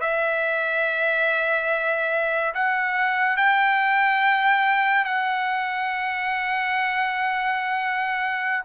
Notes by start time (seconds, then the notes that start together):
0.00 E5
2.54 F#5
3.37 G5
5.04 F#5